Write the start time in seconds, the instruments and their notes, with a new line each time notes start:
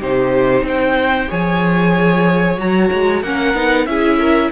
0.00 cello C3, viola D#4, violin G4 C5
0.63 cello C4, violin C5 G5
1.28 cello F3, viola G#4, violin C#5 G#5
2.58 cello F#3, viola F#4, violin A#5
2.93 cello G#3
3.23 cello A#3, viola C#4, violin A#4 F#5
3.54 cello B3, viola D#4
3.87 cello C#4, viola E4, violin G#4 E5
4.20 violin A#4